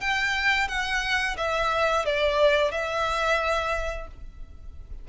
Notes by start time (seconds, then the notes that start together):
0.00 G5
0.68 F#5
1.37 E5
2.05 D5
2.71 E5